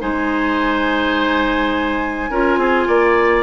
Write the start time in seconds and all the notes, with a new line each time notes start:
0.00 G#3 D#4 C5 G#5
2.30 C#4 F4 A#4
2.57 C4 G#4
2.88 A#3 D5